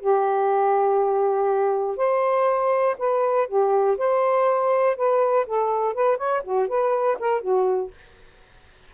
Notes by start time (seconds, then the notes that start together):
0.00 G4
1.97 C5
2.98 B4
3.47 G4
3.97 C5
4.96 B4
5.46 A4
5.94 B4
6.17 C#5
6.43 F#4
6.68 B4
7.19 A#4
7.41 F#4